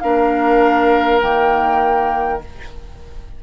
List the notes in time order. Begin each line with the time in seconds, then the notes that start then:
0.00 A#3 D4 A#4 F5
1.21 D#3 A#3 G5